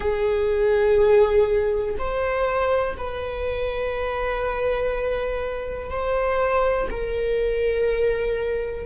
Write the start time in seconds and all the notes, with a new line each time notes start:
0.00 G#4
1.98 C5
2.97 B4
5.90 C5
6.90 A#4